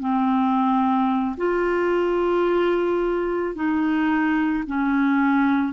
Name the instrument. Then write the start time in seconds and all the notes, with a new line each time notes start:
clarinet
0.00 C4
1.37 F4
3.55 D#4
4.67 C#4